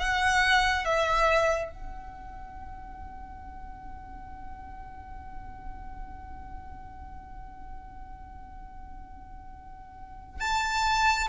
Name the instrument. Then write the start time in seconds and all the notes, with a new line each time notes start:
violin
0.00 F#5
0.85 E5
1.72 F#5
10.41 A5